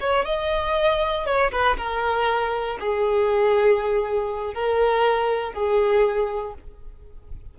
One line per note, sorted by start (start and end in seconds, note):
0.00 0.25 C#5
0.25 1.26 D#5
1.26 1.51 C#5
1.52 1.77 B4
1.77 2.78 A#4
2.80 4.54 G#4
4.54 5.53 A#4
5.53 6.54 G#4